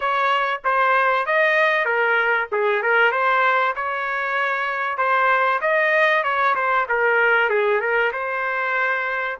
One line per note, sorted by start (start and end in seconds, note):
0.00 0.61 C#5
0.64 1.26 C5
1.26 1.85 D#5
1.85 2.47 A#4
2.52 2.82 G#4
2.82 3.11 A#4
3.11 3.74 C5
3.75 4.97 C#5
4.97 5.60 C5
5.61 6.23 D#5
6.23 6.55 C#5
6.55 6.86 C5
6.88 7.49 A#4
7.49 7.80 G#4
7.80 8.11 A#4
8.12 9.37 C5